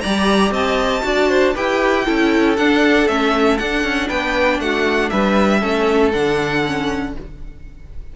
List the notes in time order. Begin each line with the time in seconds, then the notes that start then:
0.00 G3 G4 D5 A#5
0.51 C4 D#5 A5
1.02 D4 F#4 D5
1.29 C5
1.54 E4 G4 B4 G5
2.05 C#4 E4 A4
2.57 D4 F#5
3.08 A3 C#4 E5
3.58 D4 F#5
3.84 C#4
4.08 B3 B4 G5
4.59 A3 F#4 F#5
5.09 G3 B4 E5
5.60 A3 C#4 A4
6.12 D3 D4 F#5
6.65 C#4